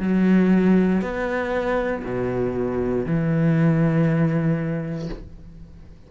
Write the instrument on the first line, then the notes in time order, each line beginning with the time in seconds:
cello
0.00 F#3
1.02 B3
2.05 B2
3.06 E3